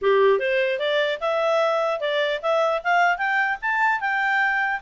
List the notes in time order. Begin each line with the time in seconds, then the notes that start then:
0.01 G4
0.39 C5
0.79 D5
1.20 E5
2.00 D5
2.42 E5
2.83 F5
3.17 G5
3.61 A5
4.00 G5